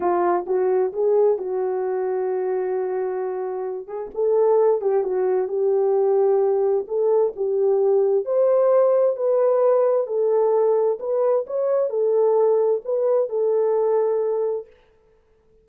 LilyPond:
\new Staff \with { instrumentName = "horn" } { \time 4/4 \tempo 4 = 131 f'4 fis'4 gis'4 fis'4~ | fis'1~ | fis'8 gis'8 a'4. g'8 fis'4 | g'2. a'4 |
g'2 c''2 | b'2 a'2 | b'4 cis''4 a'2 | b'4 a'2. | }